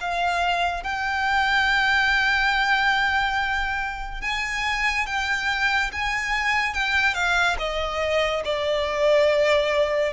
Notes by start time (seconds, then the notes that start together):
0.00 F5
0.83 G5
4.21 G#5
5.06 G5
5.92 G#5
6.74 G5
7.14 F5
7.58 D#5
8.44 D5